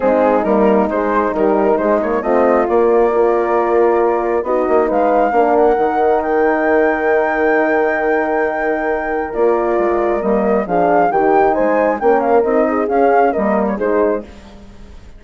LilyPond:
<<
  \new Staff \with { instrumentName = "flute" } { \time 4/4 \tempo 4 = 135 gis'4 ais'4 c''4 ais'4 | c''8 cis''8 dis''4 d''2~ | d''2 dis''4 f''4~ | f''8 fis''4. g''2~ |
g''1~ | g''4 d''2 dis''4 | f''4 g''4 gis''4 g''8 f''8 | dis''4 f''4 dis''8. cis''16 c''4 | }
  \new Staff \with { instrumentName = "horn" } { \time 4/4 dis'1~ | dis'4 f'2 ais'4~ | ais'2 fis'4 b'4 | ais'1~ |
ais'1~ | ais'1 | gis'4 g'4 c''4 ais'4~ | ais'8 gis'4. ais'4 gis'4 | }
  \new Staff \with { instrumentName = "horn" } { \time 4/4 c'4 ais4 gis4 g4 | gis8 ais8 c'4 ais4 f'4~ | f'2 dis'2 | d'4 dis'2.~ |
dis'1~ | dis'4 f'2 ais4 | d'4 dis'2 cis'4 | dis'4 cis'4 ais4 dis'4 | }
  \new Staff \with { instrumentName = "bassoon" } { \time 4/4 gis4 g4 gis4 dis4 | gis4 a4 ais2~ | ais2 b8 ais8 gis4 | ais4 dis2.~ |
dis1~ | dis4 ais4 gis4 g4 | f4 dis4 gis4 ais4 | c'4 cis'4 g4 gis4 | }
>>